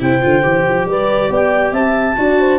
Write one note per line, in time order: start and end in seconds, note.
0.00 0.22 C3
0.00 0.22 E4
0.00 0.88 C5
0.00 0.89 G5
0.22 0.44 D3
0.22 0.42 F4
0.42 0.66 E3
0.42 2.16 G4
0.69 0.86 F3
0.86 1.30 G3
0.86 1.31 B4
0.86 1.34 D5
1.30 1.72 B3
1.30 1.73 D5
1.30 1.74 G5
1.72 2.15 C4
1.72 2.16 E5
1.72 2.59 A5
2.17 2.59 D4
2.17 2.59 F#4
2.17 2.41 D5
2.41 2.59 C5